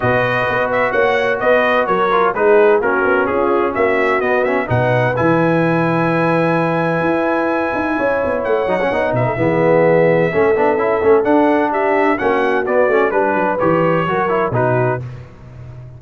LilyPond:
<<
  \new Staff \with { instrumentName = "trumpet" } { \time 4/4 \tempo 4 = 128 dis''4. e''8 fis''4 dis''4 | cis''4 b'4 ais'4 gis'4 | e''4 dis''8 e''8 fis''4 gis''4~ | gis''1~ |
gis''2 fis''4. e''8~ | e''1 | fis''4 e''4 fis''4 d''4 | b'4 cis''2 b'4 | }
  \new Staff \with { instrumentName = "horn" } { \time 4/4 b'2 cis''4 b'4 | ais'4 gis'4 fis'4 f'4 | fis'2 b'2~ | b'1~ |
b'4 cis''2~ cis''8 b'16 a'16 | gis'2 a'2~ | a'4 g'4 fis'2 | b'2 ais'4 fis'4 | }
  \new Staff \with { instrumentName = "trombone" } { \time 4/4 fis'1~ | fis'8 f'8 dis'4 cis'2~ | cis'4 b8 cis'8 dis'4 e'4~ | e'1~ |
e'2~ e'8 dis'16 cis'16 dis'4 | b2 cis'8 d'8 e'8 cis'8 | d'2 cis'4 b8 cis'8 | d'4 g'4 fis'8 e'8 dis'4 | }
  \new Staff \with { instrumentName = "tuba" } { \time 4/4 b,4 b4 ais4 b4 | fis4 gis4 ais8 b8 cis'4 | ais4 b4 b,4 e4~ | e2. e'4~ |
e'8 dis'8 cis'8 b8 a8 fis8 b8 b,8 | e2 a8 b8 cis'8 a8 | d'2 ais4 b8 a8 | g8 fis8 e4 fis4 b,4 | }
>>